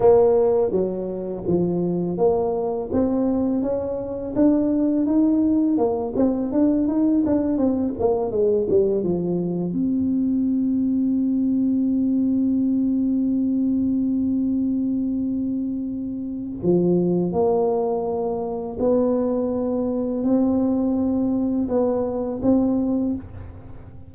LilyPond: \new Staff \with { instrumentName = "tuba" } { \time 4/4 \tempo 4 = 83 ais4 fis4 f4 ais4 | c'4 cis'4 d'4 dis'4 | ais8 c'8 d'8 dis'8 d'8 c'8 ais8 gis8 | g8 f4 c'2~ c'8~ |
c'1~ | c'2. f4 | ais2 b2 | c'2 b4 c'4 | }